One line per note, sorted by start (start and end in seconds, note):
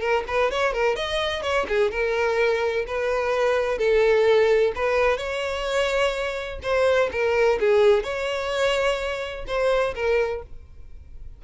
0.00 0.24 A#4
0.27 0.51 B4
0.51 0.73 C#5
0.73 0.96 A#4
0.96 1.42 D#5
1.42 1.66 C#5
1.68 1.91 G#4
1.91 2.85 A#4
2.87 3.78 B4
3.78 4.72 A4
4.75 5.18 B4
5.18 6.59 C#5
6.62 7.10 C5
7.11 7.59 A#4
7.60 8.03 G#4
8.03 9.45 C#5
9.47 9.94 C5
9.95 10.42 A#4